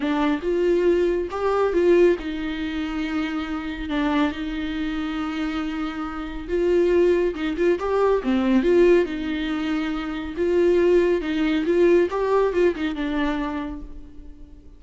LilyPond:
\new Staff \with { instrumentName = "viola" } { \time 4/4 \tempo 4 = 139 d'4 f'2 g'4 | f'4 dis'2.~ | dis'4 d'4 dis'2~ | dis'2. f'4~ |
f'4 dis'8 f'8 g'4 c'4 | f'4 dis'2. | f'2 dis'4 f'4 | g'4 f'8 dis'8 d'2 | }